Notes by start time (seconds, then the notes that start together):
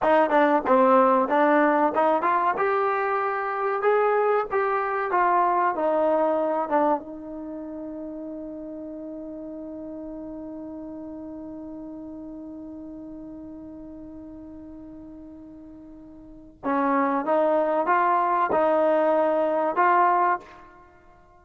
0.02 D#4
0.30 D4
0.66 C4
1.28 D4
1.94 D#4
2.22 F4
2.57 G4
3.82 G#4
4.51 G4
5.11 F4
5.75 D#4
6.69 D4
6.99 D#4
16.63 C#4
17.25 D#4
17.86 F4
18.51 D#4
19.76 F4